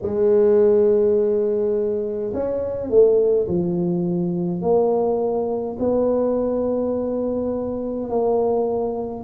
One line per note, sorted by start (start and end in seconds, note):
0.02 2.32 G#3
2.33 2.89 C#4
2.89 3.47 A3
3.47 4.61 F3
4.61 5.76 A#3
5.79 8.09 B3
8.09 9.24 A#3